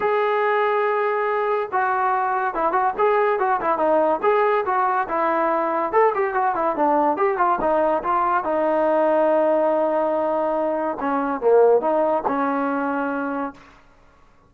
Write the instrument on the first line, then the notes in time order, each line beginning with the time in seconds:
trombone
0.00 G#4
1.72 F#4
2.54 E4
2.72 F#4
2.98 G#4
3.39 F#4
3.60 E4
3.78 D#4
4.22 G#4
4.65 F#4
5.08 E4
5.92 A4
6.14 G4
6.34 F#4
6.55 E4
6.75 D4
7.17 G4
7.37 F4
7.60 D#4
8.03 F4
8.44 D#4
11.00 C#4
11.40 A#3
11.81 D#4
12.27 C#4